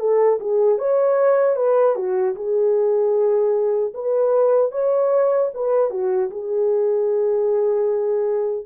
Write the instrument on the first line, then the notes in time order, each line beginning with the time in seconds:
horn
0.00 A4
0.41 G#4
0.79 C#5
1.56 B4
1.96 F#4
2.36 G#4
3.94 B4
4.72 C#5
5.54 B4
5.91 F#4
6.31 G#4